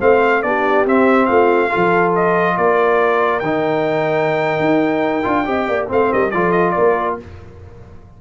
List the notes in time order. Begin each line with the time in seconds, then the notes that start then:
0.00 A3 C4 C5 F5
0.43 B3 D4 G4 D5
0.86 C4 E5
1.26 A3 F4 F5
1.68 F4 A4
1.76 F3
2.15 D#5
2.57 A#3 A#4 D5
3.40 D#3 D#4 G5
4.60 D#4
5.23 D4 F4
5.45 C4 G4 D#5
5.68 A#3 D5
5.88 A3 C4 C5 F5
6.12 G3 A#4 D#5
6.31 F3 F4 A4 D5
6.52 D#5
6.71 A#4 D5
6.79 A#3